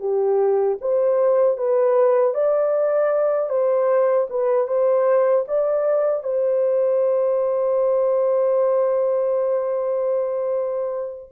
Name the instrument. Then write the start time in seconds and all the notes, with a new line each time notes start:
horn
0.00 G4
0.81 C5
1.57 B4
2.34 D5
3.49 C5
4.30 B4
4.67 C5
5.48 D5
6.23 C5